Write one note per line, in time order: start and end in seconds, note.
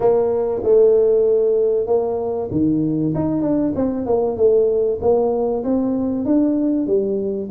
0.00 0.61 A#3
0.63 1.86 A3
1.86 2.49 A#3
2.51 3.13 D#3
3.14 3.41 D#4
3.41 3.72 D4
3.75 4.06 C4
4.06 4.36 A#3
4.36 4.99 A3
5.01 5.63 A#3
5.63 6.25 C4
6.25 6.86 D4
6.86 7.49 G3